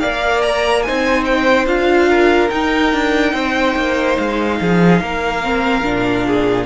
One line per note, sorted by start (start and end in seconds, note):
0.00 0.88 A#3
0.00 0.85 A#4
0.00 0.85 D5
0.00 0.42 F5
0.42 0.82 A#5
0.82 1.67 D#4
0.82 2.09 C5
0.82 1.24 G#5
0.89 1.66 C4
1.25 1.66 G5
1.66 2.50 D4
1.66 2.50 F4
1.66 2.50 F5
2.09 3.33 A#4
2.50 5.41 D#4
2.50 2.93 D#4
2.50 4.16 G5
2.93 3.34 D4
3.33 3.75 C4
3.33 4.58 C5
3.76 4.18 A#3
4.17 4.60 G#3
4.17 6.66 F5
4.61 5.01 F3
4.61 5.03 G#4
5.01 5.84 A#3
5.01 6.26 A#4
5.43 5.83 C4
5.83 6.66 A#2
5.83 6.66 D4
6.26 6.66 G#4